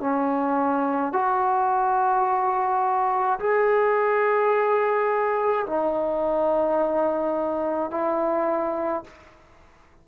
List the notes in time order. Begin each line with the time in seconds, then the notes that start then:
0.00 C#4
1.12 F#4
3.39 G#4
5.66 D#4
7.90 E4